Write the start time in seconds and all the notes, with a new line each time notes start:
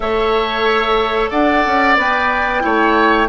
0.00 A3 A4 C#5 E5
1.30 D4 D5 F#5
1.66 C#4
1.97 B3 B4 G5
2.60 A3 E4 C#5